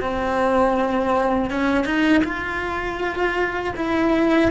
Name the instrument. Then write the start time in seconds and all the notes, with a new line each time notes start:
cello
0.00 C4
1.50 C#4
1.84 D#4
2.23 F4
3.76 E4